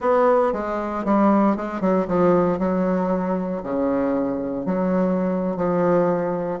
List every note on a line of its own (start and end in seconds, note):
0.00 0.52 B3
0.52 1.04 G#3
1.04 1.56 G3
1.56 1.80 G#3
1.80 2.06 F#3
2.07 2.58 F3
2.58 3.62 F#3
3.63 4.65 C#3
4.65 5.56 F#3
5.56 6.59 F3